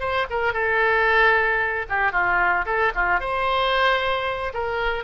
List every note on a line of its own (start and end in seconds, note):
0.00 0.27 C5
0.30 0.53 A#4
0.53 1.86 A4
1.89 2.12 G4
2.12 2.65 F4
2.66 2.92 A4
2.95 3.20 F4
3.20 4.53 C5
4.54 5.04 A#4